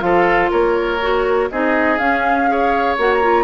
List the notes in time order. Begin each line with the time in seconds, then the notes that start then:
0.00 F3 F4 A4 F5
0.51 A#3 A#4 C#5
1.02 F#4
1.51 C4 D#4 G#4 D#5
1.98 C#4 F5
2.48 G#4 C#5
2.98 A#3 F#4 F#5
3.13 A#5
3.23 F4